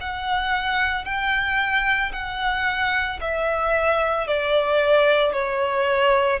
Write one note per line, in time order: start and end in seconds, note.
0.00 1.05 F#5
1.05 2.12 G5
2.12 3.19 F#5
3.20 4.27 E5
4.27 5.32 D5
5.32 6.39 C#5